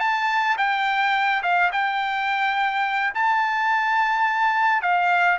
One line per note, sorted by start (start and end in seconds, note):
0.00 0.57 A5
0.58 1.43 G5
1.43 1.71 F5
1.73 3.14 G5
3.15 4.83 A5
4.83 5.39 F5